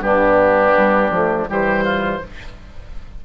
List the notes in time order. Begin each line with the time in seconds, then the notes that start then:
0.00 G2 B3 D4 G4
0.78 G3
1.11 F3 A3
1.48 E3 G3 G4 C5
1.84 F4